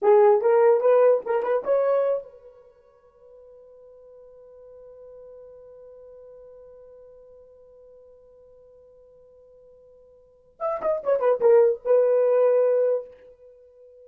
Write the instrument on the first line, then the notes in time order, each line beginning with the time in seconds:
horn
0.02 G#4
0.41 A#4
0.80 B4
1.25 A#4
1.42 B4
1.63 C#5
2.23 B4
10.59 E5
10.81 D#5
11.03 C#5
11.19 B4
11.40 A#4
11.84 B4